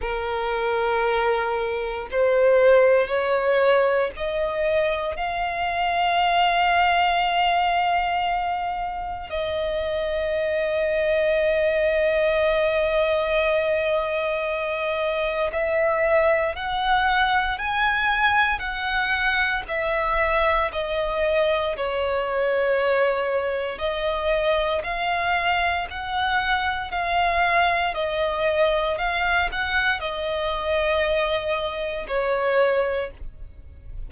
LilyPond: \new Staff \with { instrumentName = "violin" } { \time 4/4 \tempo 4 = 58 ais'2 c''4 cis''4 | dis''4 f''2.~ | f''4 dis''2.~ | dis''2. e''4 |
fis''4 gis''4 fis''4 e''4 | dis''4 cis''2 dis''4 | f''4 fis''4 f''4 dis''4 | f''8 fis''8 dis''2 cis''4 | }